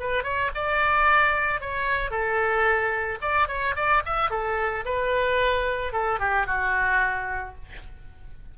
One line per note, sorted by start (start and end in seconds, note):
0.00 0.24 B4
0.24 0.51 C#5
0.55 1.61 D5
1.61 2.11 C#5
2.11 3.19 A4
3.22 3.48 D5
3.48 3.75 C#5
3.76 4.03 D5
4.06 4.31 E5
4.31 4.85 A4
4.85 5.93 B4
5.93 6.20 A4
6.20 6.47 G4
6.47 7.55 F#4